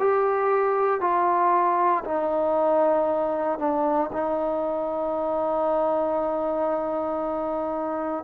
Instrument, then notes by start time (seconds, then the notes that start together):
trombone
0.00 G4
1.01 F4
2.05 D#4
3.59 D4
4.13 D#4